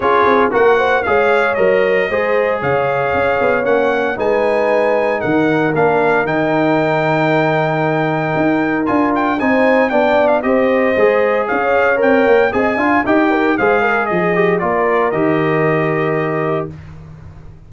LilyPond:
<<
  \new Staff \with { instrumentName = "trumpet" } { \time 4/4 \tempo 4 = 115 cis''4 fis''4 f''4 dis''4~ | dis''4 f''2 fis''4 | gis''2 fis''4 f''4 | g''1~ |
g''4 gis''8 g''8 gis''4 g''8. f''16 | dis''2 f''4 g''4 | gis''4 g''4 f''4 dis''4 | d''4 dis''2. | }
  \new Staff \with { instrumentName = "horn" } { \time 4/4 gis'4 ais'8 c''8 cis''2 | c''4 cis''2. | b'2 ais'2~ | ais'1~ |
ais'2 c''4 d''4 | c''2 cis''2 | dis''8 f''8 dis''8 ais'8 c''8 ais'8 gis'4 | ais'1 | }
  \new Staff \with { instrumentName = "trombone" } { \time 4/4 f'4 fis'4 gis'4 ais'4 | gis'2. cis'4 | dis'2. d'4 | dis'1~ |
dis'4 f'4 dis'4 d'4 | g'4 gis'2 ais'4 | gis'8 f'8 g'4 gis'4. g'8 | f'4 g'2. | }
  \new Staff \with { instrumentName = "tuba" } { \time 4/4 cis'8 c'8 ais4 gis4 fis4 | gis4 cis4 cis'8 b8 ais4 | gis2 dis4 ais4 | dis1 |
dis'4 d'4 c'4 b4 | c'4 gis4 cis'4 c'8 ais8 | c'8 d'8 dis'4 gis4 f4 | ais4 dis2. | }
>>